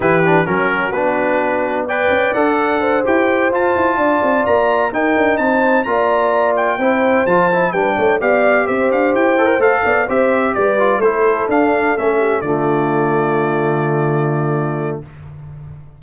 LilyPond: <<
  \new Staff \with { instrumentName = "trumpet" } { \time 4/4 \tempo 4 = 128 b'4 ais'4 b'2 | g''4 fis''4. g''4 a''8~ | a''4. ais''4 g''4 a''8~ | a''8 ais''4. g''4. a''8~ |
a''8 g''4 f''4 e''8 f''8 g''8~ | g''8 f''4 e''4 d''4 c''8~ | c''8 f''4 e''4 d''4.~ | d''1 | }
  \new Staff \with { instrumentName = "horn" } { \time 4/4 g'4 fis'2. | d''2 c''2~ | c''8 d''2 ais'4 c''8~ | c''8 d''2 c''4.~ |
c''8 b'8 cis''8 d''4 c''4.~ | c''4 d''8 c''4 b'4 a'8~ | a'2 g'8 f'4.~ | f'1 | }
  \new Staff \with { instrumentName = "trombone" } { \time 4/4 e'8 d'8 cis'4 d'2 | b'4 a'4. g'4 f'8~ | f'2~ f'8 dis'4.~ | dis'8 f'2 e'4 f'8 |
e'8 d'4 g'2~ g'8 | a'16 ais'16 a'4 g'4. f'8 e'8~ | e'8 d'4 cis'4 a4.~ | a1 | }
  \new Staff \with { instrumentName = "tuba" } { \time 4/4 e4 fis4 b2~ | b8 cis'8 d'4. e'4 f'8 | e'8 d'8 c'8 ais4 dis'8 d'8 c'8~ | c'8 ais2 c'4 f8~ |
f8 g8 a8 b4 c'8 d'8 e'8~ | e'8 a8 b8 c'4 g4 a8~ | a8 d'4 a4 d4.~ | d1 | }
>>